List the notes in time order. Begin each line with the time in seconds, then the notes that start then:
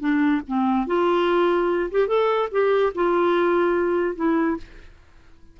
0.00 D4
0.47 C4
0.87 F4
1.91 G4
2.07 A4
2.51 G4
2.95 F4
4.15 E4